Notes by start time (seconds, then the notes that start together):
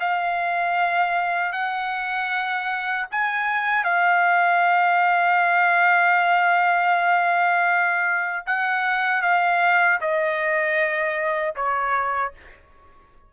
0.00 F5
1.52 F#5
3.12 G#5
3.84 F5
8.47 F#5
9.22 F5
10.01 D#5
11.56 C#5